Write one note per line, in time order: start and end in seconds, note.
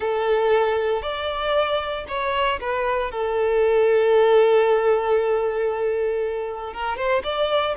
0.00 1.01 A4
1.01 2.05 D5
2.08 2.59 C#5
2.60 3.11 B4
3.11 6.73 A4
6.73 6.96 A#4
6.96 7.22 C5
7.23 7.75 D5